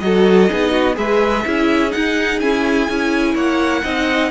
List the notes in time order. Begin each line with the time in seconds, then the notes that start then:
0.00 F#3 F#4 A4 D#5
0.51 B3 D#4 G#4
0.72 F#4
0.95 G#3 G#4 B4 E5
1.46 C#4 E4 G#4
1.90 D#4 F#5
1.96 D#4
2.40 C#4 E4 G#5
2.89 C#4 E4
3.35 A#3 C#5 F#5
3.84 C4 D#4 D#5